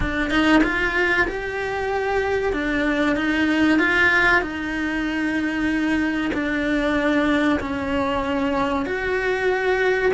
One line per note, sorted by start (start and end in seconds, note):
0.00 0.30 D4
0.30 0.61 D#4
0.63 1.26 F4
1.27 2.53 G4
2.53 3.16 D4
3.16 3.78 D#4
3.78 4.41 F4
4.41 6.31 D#4
6.33 7.59 D4
7.60 8.85 C#4
8.85 10.12 F#4